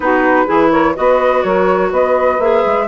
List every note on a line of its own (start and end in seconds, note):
0.00 0.45 B3
0.00 0.46 D#4
0.00 0.46 F#4
0.00 0.71 B4
0.46 0.97 E3
0.46 0.94 E4
0.46 0.70 G#4
0.71 0.95 A#4
0.71 0.95 C#5
0.95 1.44 B3
0.95 2.39 F#4
0.95 1.44 B4
0.95 1.43 D#5
1.43 1.91 F#3
1.43 1.91 A#4
1.43 1.91 C#5
1.91 2.39 B3
1.91 2.87 B4
1.91 2.40 D#5
2.39 2.63 A#3
2.39 2.87 G#4
2.39 2.87 E5
2.66 2.87 G#3